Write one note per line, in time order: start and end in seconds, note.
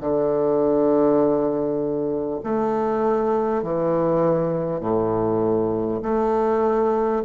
0.00 2.40 D3
2.43 3.63 A3
3.63 4.80 E3
4.80 6.00 A2
6.02 7.22 A3